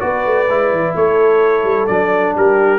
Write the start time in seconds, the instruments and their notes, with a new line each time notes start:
0.00 tuba B3, trombone F#4, horn B4, trumpet D5
0.26 tuba A3
0.49 tuba G#3, trombone E4
0.71 tuba E3
0.96 tuba A3, horn A4, trumpet C#5
1.64 tuba G3
1.87 tuba F#3, trombone D4, trumpet D5
2.35 tuba G3, horn G4, trumpet A#4